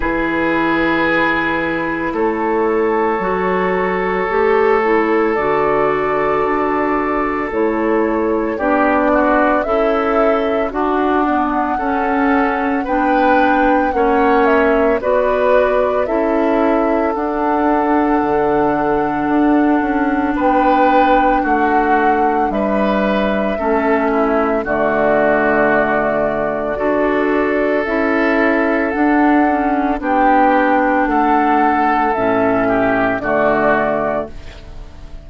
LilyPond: <<
  \new Staff \with { instrumentName = "flute" } { \time 4/4 \tempo 4 = 56 b'2 cis''2~ | cis''4 d''2 cis''4 | d''4 e''4 fis''2 | g''4 fis''8 e''8 d''4 e''4 |
fis''2. g''4 | fis''4 e''2 d''4~ | d''2 e''4 fis''4 | g''4 fis''4 e''4 d''4 | }
  \new Staff \with { instrumentName = "oboe" } { \time 4/4 gis'2 a'2~ | a'1 | g'8 fis'8 e'4 d'4 a'4 | b'4 cis''4 b'4 a'4~ |
a'2. b'4 | fis'4 b'4 a'8 e'8 fis'4~ | fis'4 a'2. | g'4 a'4. g'8 fis'4 | }
  \new Staff \with { instrumentName = "clarinet" } { \time 4/4 e'2. fis'4 | g'8 e'8 fis'2 e'4 | d'4 a'4 fis'8 b8 cis'4 | d'4 cis'4 fis'4 e'4 |
d'1~ | d'2 cis'4 a4~ | a4 fis'4 e'4 d'8 cis'8 | d'2 cis'4 a4 | }
  \new Staff \with { instrumentName = "bassoon" } { \time 4/4 e2 a4 fis4 | a4 d4 d'4 a4 | b4 cis'4 d'4 cis'4 | b4 ais4 b4 cis'4 |
d'4 d4 d'8 cis'8 b4 | a4 g4 a4 d4~ | d4 d'4 cis'4 d'4 | b4 a4 a,4 d4 | }
>>